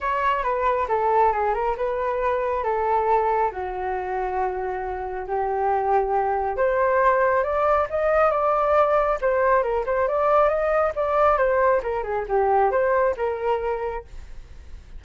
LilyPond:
\new Staff \with { instrumentName = "flute" } { \time 4/4 \tempo 4 = 137 cis''4 b'4 a'4 gis'8 ais'8 | b'2 a'2 | fis'1 | g'2. c''4~ |
c''4 d''4 dis''4 d''4~ | d''4 c''4 ais'8 c''8 d''4 | dis''4 d''4 c''4 ais'8 gis'8 | g'4 c''4 ais'2 | }